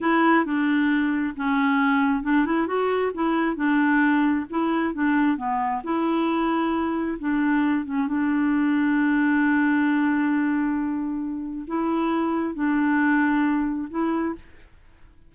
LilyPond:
\new Staff \with { instrumentName = "clarinet" } { \time 4/4 \tempo 4 = 134 e'4 d'2 cis'4~ | cis'4 d'8 e'8 fis'4 e'4 | d'2 e'4 d'4 | b4 e'2. |
d'4. cis'8 d'2~ | d'1~ | d'2 e'2 | d'2. e'4 | }